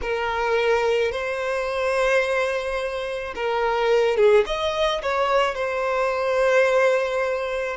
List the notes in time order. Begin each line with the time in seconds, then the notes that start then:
0.02 A#4
1.11 C5
3.35 A#4
4.16 G#4
4.46 D#5
5.02 C#5
5.55 C5